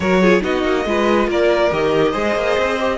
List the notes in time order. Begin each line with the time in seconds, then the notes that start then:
0.00 F#3 F#4 A#4 C#5
0.21 F4 G#4
0.41 B3 D#4 F#4 D#5
0.63 A#3
0.85 G#3 F4 B4
1.27 A#3 A#4 D5
1.71 D#3 G4 D#5
2.11 G#3 G#4 C5
2.35 A#3
2.57 C4
2.79 G4